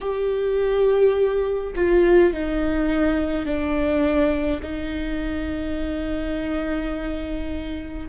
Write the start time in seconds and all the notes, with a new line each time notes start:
0.01 G4
1.75 F4
2.33 D#4
3.45 D4
4.62 D#4